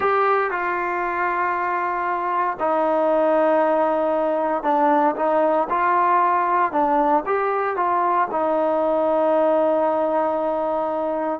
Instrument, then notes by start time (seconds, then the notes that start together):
trombone
0.00 G4
0.51 F4
2.59 D#4
4.63 D4
5.16 D#4
5.69 F4
6.71 D4
7.25 G4
7.76 F4
8.31 D#4